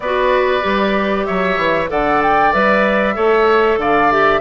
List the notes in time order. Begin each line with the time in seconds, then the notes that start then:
0.00 B3 F#4 B4 D5
0.61 G3 G4
1.25 F#3 C#5 E5
1.57 E3
1.88 D3 A4 D5 F#5
2.22 G5
2.52 G3 B4 E5
3.15 A3 A4 C#5
3.77 D3 D5 F5
4.10 G4 E5